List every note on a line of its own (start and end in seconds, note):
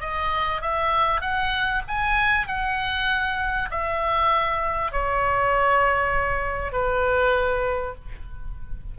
0.00 0.61 D#5
0.61 1.21 E5
1.21 1.82 F#5
1.87 2.47 G#5
2.47 3.69 F#5
3.70 4.91 E5
4.91 6.72 C#5
6.72 7.95 B4